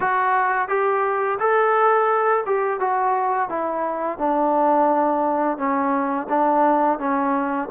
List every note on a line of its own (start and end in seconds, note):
0.00 0.68 F#4
0.68 1.38 G4
1.39 2.44 A4
2.46 2.79 G4
2.79 3.49 F#4
3.49 4.18 E4
4.18 5.57 D4
5.57 6.27 C#4
6.29 6.99 D4
6.99 7.68 C#4